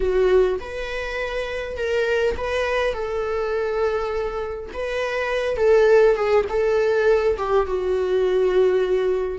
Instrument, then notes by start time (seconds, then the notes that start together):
viola
0.00 F#4
0.59 B4
1.76 A#4
2.37 B4
2.93 A4
4.73 B4
5.56 A4
6.15 G#4
6.49 A4
7.37 G4
7.66 F#4